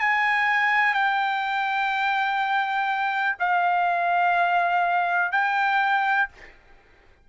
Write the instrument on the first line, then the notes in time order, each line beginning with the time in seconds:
trumpet
0.00 G#5
0.94 G5
3.40 F5
5.32 G5